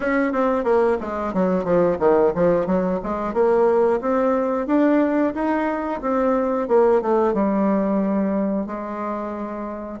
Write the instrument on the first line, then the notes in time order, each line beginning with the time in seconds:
bassoon
0.00 C#4
0.32 C4
0.64 A#3
1.00 G#3
1.33 F#3
1.64 F3
1.99 D#3
2.35 F3
2.66 F#3
3.03 G#3
3.33 A#3
4.01 C4
4.66 D4
5.34 D#4
6.01 C4
6.68 A#3
7.01 A3
7.33 G3
8.66 G#3